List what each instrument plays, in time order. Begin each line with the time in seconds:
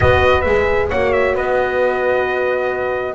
0.00 double bass B3, horn F#4 B4, trumpet D#5
0.41 double bass G#3, horn G#4, trumpet E5
0.89 double bass A#3, horn F#4 C#5, trumpet F#5
1.12 trumpet E5
1.34 double bass B3, horn B4, trumpet D#5